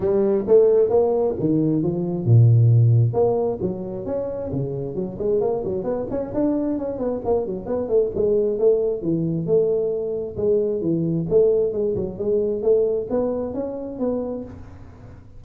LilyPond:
\new Staff \with { instrumentName = "tuba" } { \time 4/4 \tempo 4 = 133 g4 a4 ais4 dis4 | f4 ais,2 ais4 | fis4 cis'4 cis4 fis8 gis8 | ais8 fis8 b8 cis'8 d'4 cis'8 b8 |
ais8 fis8 b8 a8 gis4 a4 | e4 a2 gis4 | e4 a4 gis8 fis8 gis4 | a4 b4 cis'4 b4 | }